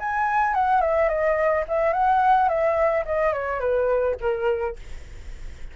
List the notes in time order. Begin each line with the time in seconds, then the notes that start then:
0.00 G#5
0.55 F#5
0.81 E5
1.09 D#5
1.69 E5
1.93 F#5
2.49 E5
3.06 D#5
3.33 C#5
3.60 B4
4.21 A#4